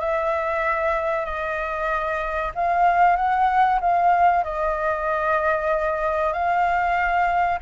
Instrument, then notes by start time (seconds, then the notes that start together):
flute
0.00 E5
1.26 D#5
2.55 F5
3.16 F#5
3.81 F5
4.44 D#5
6.33 F5